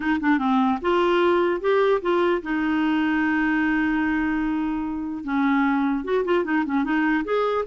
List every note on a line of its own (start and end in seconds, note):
0.00 0.19 D#4
0.20 0.38 D4
0.38 0.79 C4
0.81 1.60 F4
1.60 2.01 G4
2.01 2.41 F4
2.42 5.24 D#4
5.24 6.04 C#4
6.04 6.24 F#4
6.24 6.44 F4
6.44 6.64 D#4
6.65 6.83 C#4
6.83 7.24 D#4
7.24 7.64 G#4